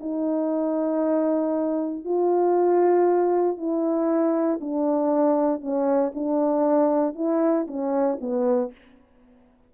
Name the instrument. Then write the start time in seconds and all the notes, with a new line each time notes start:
horn
0.00 D#4
2.04 F4
3.57 E4
4.60 D4
5.61 C#4
6.14 D4
7.15 E4
7.67 C#4
8.20 B3